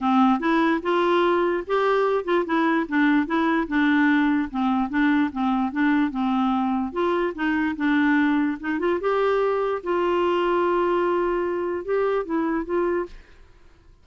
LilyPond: \new Staff \with { instrumentName = "clarinet" } { \time 4/4 \tempo 4 = 147 c'4 e'4 f'2 | g'4. f'8 e'4 d'4 | e'4 d'2 c'4 | d'4 c'4 d'4 c'4~ |
c'4 f'4 dis'4 d'4~ | d'4 dis'8 f'8 g'2 | f'1~ | f'4 g'4 e'4 f'4 | }